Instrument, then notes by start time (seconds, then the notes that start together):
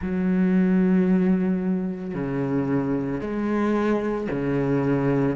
cello
0.01 F#3
2.14 C#3
3.20 G#3
4.31 C#3